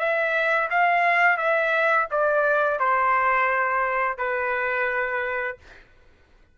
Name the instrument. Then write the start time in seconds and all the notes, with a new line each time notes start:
trumpet
0.00 E5
0.71 F5
1.38 E5
2.12 D5
2.80 C5
4.19 B4